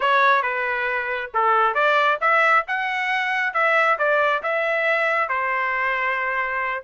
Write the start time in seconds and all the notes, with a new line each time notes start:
0.00 C#5
0.42 B4
1.34 A4
1.74 D5
2.21 E5
2.67 F#5
3.53 E5
3.98 D5
4.42 E5
5.29 C5